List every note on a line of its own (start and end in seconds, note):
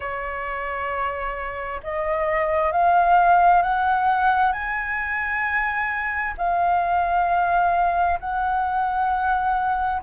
0.00 1.80 C#5
1.83 2.71 D#5
2.71 3.62 F5
3.62 4.52 F#5
4.52 6.34 G#5
6.37 8.19 F5
8.20 10.02 F#5